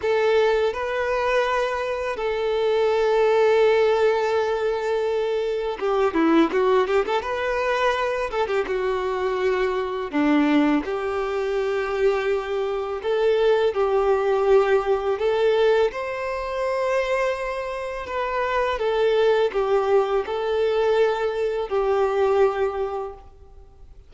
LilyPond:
\new Staff \with { instrumentName = "violin" } { \time 4/4 \tempo 4 = 83 a'4 b'2 a'4~ | a'1 | g'8 e'8 fis'8 g'16 a'16 b'4. a'16 g'16 | fis'2 d'4 g'4~ |
g'2 a'4 g'4~ | g'4 a'4 c''2~ | c''4 b'4 a'4 g'4 | a'2 g'2 | }